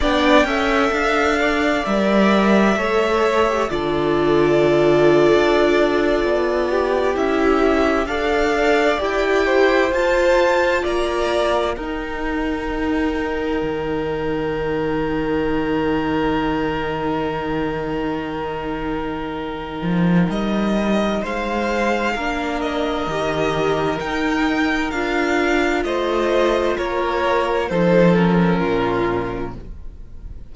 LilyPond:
<<
  \new Staff \with { instrumentName = "violin" } { \time 4/4 \tempo 4 = 65 g''4 f''4 e''2 | d''2.~ d''8. e''16~ | e''8. f''4 g''4 a''4 ais''16~ | ais''8. g''2.~ g''16~ |
g''1~ | g''2 dis''4 f''4~ | f''8 dis''4. g''4 f''4 | dis''4 cis''4 c''8 ais'4. | }
  \new Staff \with { instrumentName = "violin" } { \time 4/4 d''8 e''4 d''4. cis''4 | a'2.~ a'16 g'8.~ | g'8. d''4. c''4. d''16~ | d''8. ais'2.~ ais'16~ |
ais'1~ | ais'2. c''4 | ais'1 | c''4 ais'4 a'4 f'4 | }
  \new Staff \with { instrumentName = "viola" } { \time 4/4 d'8 a'4. ais'4 a'8. g'16 | f'2.~ f'8. e'16~ | e'8. a'4 g'4 f'4~ f'16~ | f'8. dis'2.~ dis'16~ |
dis'1~ | dis'1 | d'4 g'4 dis'4 f'4~ | f'2 dis'8 cis'4. | }
  \new Staff \with { instrumentName = "cello" } { \time 4/4 b8 cis'8 d'4 g4 a4 | d4.~ d16 d'4 b4 cis'16~ | cis'8. d'4 e'4 f'4 ais16~ | ais8. dis'2 dis4~ dis16~ |
dis1~ | dis4. f8 g4 gis4 | ais4 dis4 dis'4 d'4 | a4 ais4 f4 ais,4 | }
>>